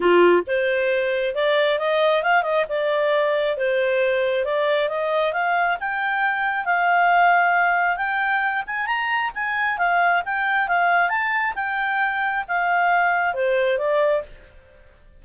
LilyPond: \new Staff \with { instrumentName = "clarinet" } { \time 4/4 \tempo 4 = 135 f'4 c''2 d''4 | dis''4 f''8 dis''8 d''2 | c''2 d''4 dis''4 | f''4 g''2 f''4~ |
f''2 g''4. gis''8 | ais''4 gis''4 f''4 g''4 | f''4 a''4 g''2 | f''2 c''4 d''4 | }